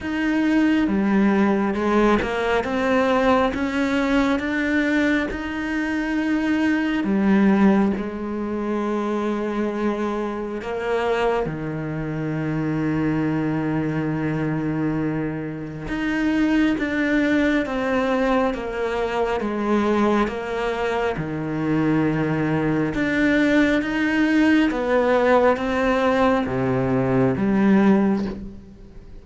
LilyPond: \new Staff \with { instrumentName = "cello" } { \time 4/4 \tempo 4 = 68 dis'4 g4 gis8 ais8 c'4 | cis'4 d'4 dis'2 | g4 gis2. | ais4 dis2.~ |
dis2 dis'4 d'4 | c'4 ais4 gis4 ais4 | dis2 d'4 dis'4 | b4 c'4 c4 g4 | }